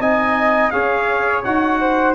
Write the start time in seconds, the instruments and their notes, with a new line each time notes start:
0.00 tuba C4, trombone D#4, flute D#5, trumpet G#5
0.70 tuba C#4, trombone G#4, flute C#5, trumpet F5
1.44 tuba D#4, trombone F#4, trumpet F#5
1.80 flute C5